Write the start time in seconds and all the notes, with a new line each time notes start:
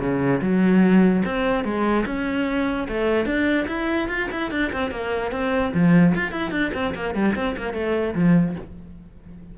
0.00 C#3
0.41 F#3
1.25 C4
1.65 G#3
2.06 C#4
2.88 A3
3.26 D4
3.68 E4
4.09 F4
4.32 E4
4.51 D4
4.73 C4
4.91 A#3
5.32 C4
5.74 F3
6.15 F4
6.32 E4
6.51 D4
6.74 C4
6.95 A#3
7.15 G3
7.36 C4
7.57 A#3
7.74 A3
8.15 F3